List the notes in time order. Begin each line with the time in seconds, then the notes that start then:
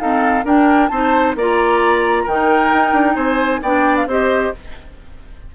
0.00 C4 D#4 A4 F5
0.45 D4 A#4 G5
0.88 C4 D#4 C5 A5
1.36 A#3 F4 D5 A#5
2.24 D#3 D#4 A#4 G5
2.73 D#4
2.93 D4
3.16 C4 C5 G#5
3.63 B3 D4 D5 G5
3.97 F5
4.07 C4 G4 C5 D#5